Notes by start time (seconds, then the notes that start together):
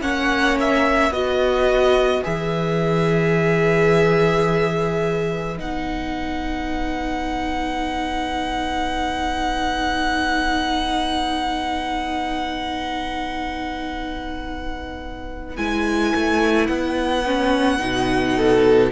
0.00 A#3 C#4 C#5 F#5
0.59 E5
1.10 B3 F#4 B4 D#5
2.23 E3 G#4 E5
5.57 B3 D#4 F#5
15.56 G#3 E4 G#5
16.14 A3
16.66 B3 F#5
17.25 C#4
17.78 B2 D#4
18.36 A4